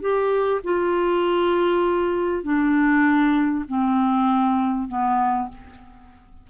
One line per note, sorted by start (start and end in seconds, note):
0.00 0.61 G4
0.64 2.43 F4
2.43 3.64 D4
3.68 4.88 C4
4.88 5.48 B3